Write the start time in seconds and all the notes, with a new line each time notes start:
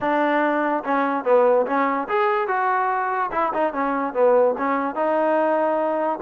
0.00 D4
0.84 C#4
1.24 B3
1.66 C#4
2.08 G#4
2.47 F#4
3.31 E4
3.53 D#4
3.73 C#4
4.13 B3
4.57 C#4
4.95 D#4